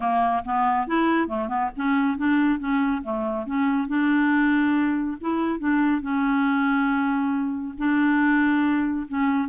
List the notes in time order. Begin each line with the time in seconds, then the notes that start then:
0.00 A#3
0.44 B3
0.87 E4
1.28 A3
1.48 B3
1.76 C#4
2.17 D4
2.59 C#4
3.03 A3
3.46 C#4
3.87 D4
5.21 E4
5.59 D4
6.01 C#4
7.77 D4
9.08 C#4